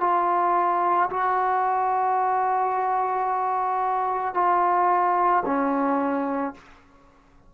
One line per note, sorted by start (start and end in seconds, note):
0.00 1.09 F4
1.10 4.34 F#4
4.34 5.43 F4
5.45 6.54 C#4